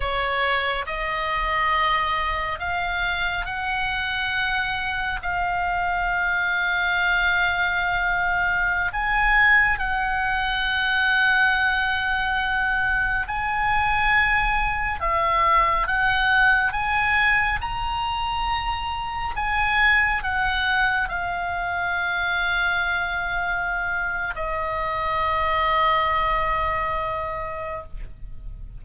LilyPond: \new Staff \with { instrumentName = "oboe" } { \time 4/4 \tempo 4 = 69 cis''4 dis''2 f''4 | fis''2 f''2~ | f''2~ f''16 gis''4 fis''8.~ | fis''2.~ fis''16 gis''8.~ |
gis''4~ gis''16 e''4 fis''4 gis''8.~ | gis''16 ais''2 gis''4 fis''8.~ | fis''16 f''2.~ f''8. | dis''1 | }